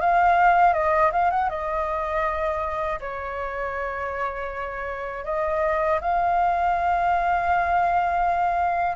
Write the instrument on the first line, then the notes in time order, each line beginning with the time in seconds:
flute
0.00 F5
0.73 D#5
1.12 F5
1.31 F#5
1.49 D#5
3.00 C#5
5.25 D#5
6.01 F5